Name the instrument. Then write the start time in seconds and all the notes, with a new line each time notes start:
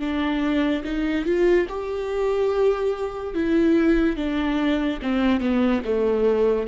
viola
0.00 D4
0.84 D#4
1.25 F4
1.69 G4
3.34 E4
4.17 D4
5.03 C4
5.41 B3
5.85 A3